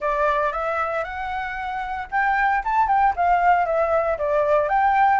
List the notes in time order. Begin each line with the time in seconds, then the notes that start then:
0.00 D5
0.52 E5
1.04 F#5
2.11 G5
2.64 A5
2.87 G5
3.16 F5
3.65 E5
4.17 D5
4.68 G5